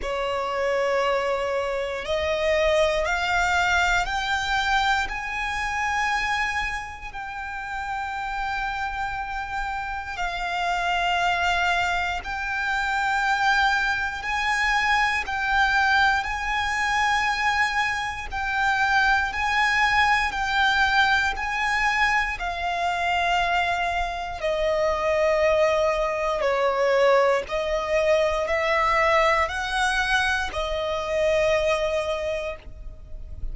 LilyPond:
\new Staff \with { instrumentName = "violin" } { \time 4/4 \tempo 4 = 59 cis''2 dis''4 f''4 | g''4 gis''2 g''4~ | g''2 f''2 | g''2 gis''4 g''4 |
gis''2 g''4 gis''4 | g''4 gis''4 f''2 | dis''2 cis''4 dis''4 | e''4 fis''4 dis''2 | }